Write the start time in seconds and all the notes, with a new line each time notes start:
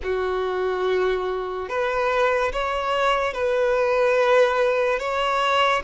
0.03 F#4
1.68 B4
2.52 C#5
3.33 B4
4.98 C#5